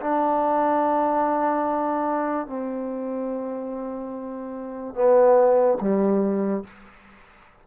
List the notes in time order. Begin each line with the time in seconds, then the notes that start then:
0.00 D4
2.47 C4
4.94 B3
5.81 G3